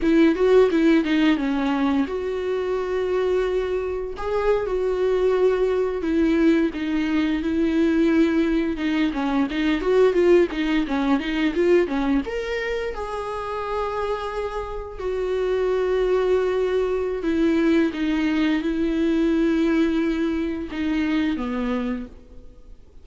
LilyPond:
\new Staff \with { instrumentName = "viola" } { \time 4/4 \tempo 4 = 87 e'8 fis'8 e'8 dis'8 cis'4 fis'4~ | fis'2 gis'8. fis'4~ fis'16~ | fis'8. e'4 dis'4 e'4~ e'16~ | e'8. dis'8 cis'8 dis'8 fis'8 f'8 dis'8 cis'16~ |
cis'16 dis'8 f'8 cis'8 ais'4 gis'4~ gis'16~ | gis'4.~ gis'16 fis'2~ fis'16~ | fis'4 e'4 dis'4 e'4~ | e'2 dis'4 b4 | }